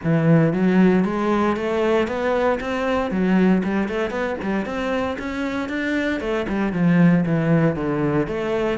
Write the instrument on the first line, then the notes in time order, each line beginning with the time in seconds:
cello
0.03 E3
0.53 F#3
1.04 G#3
1.56 A3
2.07 B3
2.60 C4
3.10 F#3
3.63 G3
3.88 A3
4.10 B3
4.42 G3
4.65 C4
5.18 C#4
5.68 D4
6.20 A3
6.48 G3
6.72 F3
7.26 E3
7.75 D3
8.27 A3